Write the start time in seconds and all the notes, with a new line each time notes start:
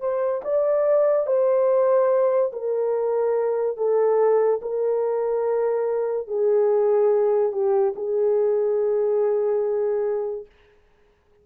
0.00 C5
0.44 D5
1.27 C5
2.52 A#4
3.77 A4
4.62 A#4
6.27 G#4
7.52 G4
7.95 G#4